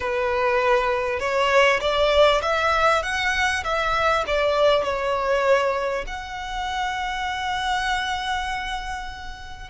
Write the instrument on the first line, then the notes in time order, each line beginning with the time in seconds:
violin
0.00 B4
1.19 C#5
1.80 D5
2.42 E5
3.02 F#5
3.64 E5
4.26 D5
4.83 C#5
6.06 F#5